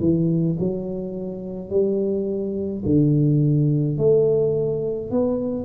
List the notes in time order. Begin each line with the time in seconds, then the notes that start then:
0.00 E3
0.59 F#3
1.70 G3
2.85 D3
3.98 A3
5.10 B3